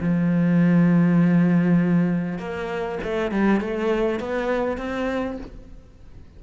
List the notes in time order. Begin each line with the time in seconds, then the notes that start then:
0.00 F3
2.38 A#3
3.03 A3
3.31 G3
3.60 A3
4.19 B3
4.77 C4